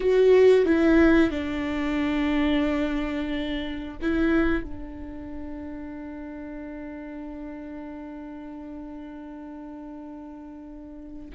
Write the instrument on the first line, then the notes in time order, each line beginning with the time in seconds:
viola
0.00 F#4
0.65 E4
1.30 D4
4.02 E4
4.63 D4